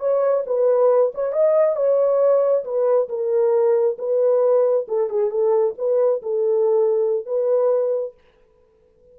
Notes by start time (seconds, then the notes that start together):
0.00 C#5
0.47 B4
1.15 C#5
1.33 D#5
1.76 C#5
2.65 B4
3.09 A#4
3.99 B4
4.89 A4
5.10 G#4
5.31 A4
5.78 B4
6.23 A4
7.26 B4